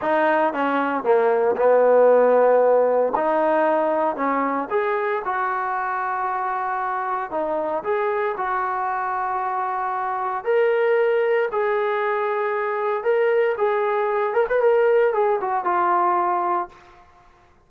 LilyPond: \new Staff \with { instrumentName = "trombone" } { \time 4/4 \tempo 4 = 115 dis'4 cis'4 ais4 b4~ | b2 dis'2 | cis'4 gis'4 fis'2~ | fis'2 dis'4 gis'4 |
fis'1 | ais'2 gis'2~ | gis'4 ais'4 gis'4. ais'16 b'16 | ais'4 gis'8 fis'8 f'2 | }